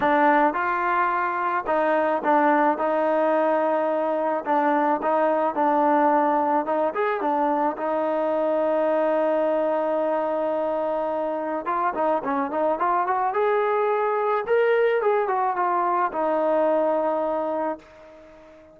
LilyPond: \new Staff \with { instrumentName = "trombone" } { \time 4/4 \tempo 4 = 108 d'4 f'2 dis'4 | d'4 dis'2. | d'4 dis'4 d'2 | dis'8 gis'8 d'4 dis'2~ |
dis'1~ | dis'4 f'8 dis'8 cis'8 dis'8 f'8 fis'8 | gis'2 ais'4 gis'8 fis'8 | f'4 dis'2. | }